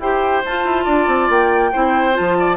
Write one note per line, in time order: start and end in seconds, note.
0.00 0.43 E4
0.00 0.44 G4
0.00 0.85 C5
0.00 0.43 G5
0.45 0.65 F4
0.45 1.73 F4
0.45 1.31 A5
0.65 0.86 E4
0.85 1.07 D4
0.85 1.70 D5
1.07 1.28 C4
1.29 1.72 A#3
1.29 2.16 G5
1.73 2.19 C4
1.73 2.13 E4
1.73 2.37 C5
2.13 2.56 F4
2.13 2.57 A5
2.19 2.57 F3
2.39 2.57 D5